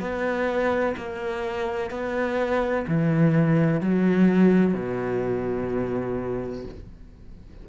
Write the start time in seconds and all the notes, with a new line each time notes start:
0.00 B3
0.97 A#3
1.90 B3
2.87 E3
3.81 F#3
4.74 B2